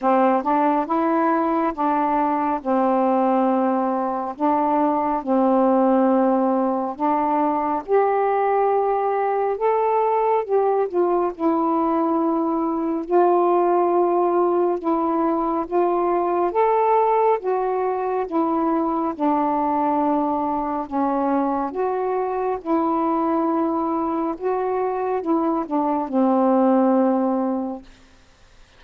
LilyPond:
\new Staff \with { instrumentName = "saxophone" } { \time 4/4 \tempo 4 = 69 c'8 d'8 e'4 d'4 c'4~ | c'4 d'4 c'2 | d'4 g'2 a'4 | g'8 f'8 e'2 f'4~ |
f'4 e'4 f'4 a'4 | fis'4 e'4 d'2 | cis'4 fis'4 e'2 | fis'4 e'8 d'8 c'2 | }